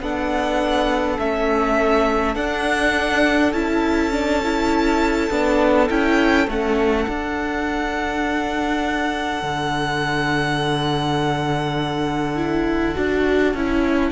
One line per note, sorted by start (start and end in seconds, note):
0.00 1.18 B3
0.00 1.19 D4
0.00 14.12 A4
0.00 1.19 F#5
1.19 2.35 A3
1.19 2.36 C#4
1.19 2.36 E5
2.35 3.52 D4
2.35 3.53 D4
2.35 3.53 F#5
3.52 5.29 C#4
3.52 4.12 E4
3.52 5.88 A5
4.12 4.42 D4
4.44 5.31 E4
5.30 5.89 B3
5.30 5.89 D4
5.89 6.48 C#4
5.89 6.48 E4
5.89 6.49 G5
6.48 7.06 A3
6.48 7.08 C#4
6.48 14.12 F#5
7.08 9.42 D4
7.08 12.36 D4
9.42 12.95 D3
12.36 12.95 E4
12.95 13.54 D4
12.95 13.54 F#4
13.54 14.12 C#4
13.54 14.12 E4